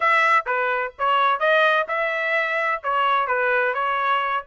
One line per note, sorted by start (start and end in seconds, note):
0.00 0.45 E5
0.46 0.93 B4
0.98 1.39 C#5
1.39 1.86 D#5
1.88 2.81 E5
2.83 3.27 C#5
3.27 3.74 B4
3.74 4.44 C#5